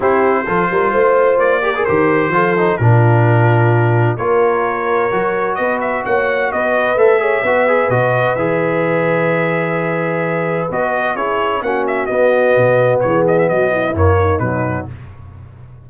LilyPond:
<<
  \new Staff \with { instrumentName = "trumpet" } { \time 4/4 \tempo 4 = 129 c''2. d''4 | c''2 ais'2~ | ais'4 cis''2. | dis''8 e''8 fis''4 dis''4 e''4~ |
e''4 dis''4 e''2~ | e''2. dis''4 | cis''4 fis''8 e''8 dis''2 | cis''8 dis''16 e''16 dis''4 cis''4 b'4 | }
  \new Staff \with { instrumentName = "horn" } { \time 4/4 g'4 a'8 ais'8 c''4. ais'8~ | ais'4 a'4 f'2~ | f'4 ais'2. | b'4 cis''4 b'4. cis''8 |
b'1~ | b'1 | gis'4 fis'2. | gis'4 fis'8 e'4 dis'4. | }
  \new Staff \with { instrumentName = "trombone" } { \time 4/4 e'4 f'2~ f'8 g'16 gis'16 | g'4 f'8 dis'8 d'2~ | d'4 f'2 fis'4~ | fis'2. a'8 gis'8 |
fis'8 gis'8 fis'4 gis'2~ | gis'2. fis'4 | e'4 cis'4 b2~ | b2 ais4 fis4 | }
  \new Staff \with { instrumentName = "tuba" } { \time 4/4 c'4 f8 g8 a4 ais4 | dis4 f4 ais,2~ | ais,4 ais2 fis4 | b4 ais4 b4 a4 |
b4 b,4 e2~ | e2. b4 | cis'4 ais4 b4 b,4 | e4 fis4 fis,4 b,4 | }
>>